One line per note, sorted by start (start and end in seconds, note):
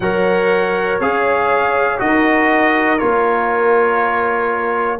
0.00 0.99 F#3
0.00 1.01 A#4
0.00 2.01 C#5
0.00 0.99 F#5
0.99 1.99 C#4
0.99 1.98 G#4
0.99 1.99 F5
1.98 3.00 D#4
1.98 2.98 F#4
1.98 5.00 A#4
1.98 2.98 D#5
2.98 5.00 A#3
2.98 4.98 F4
2.98 4.98 C#5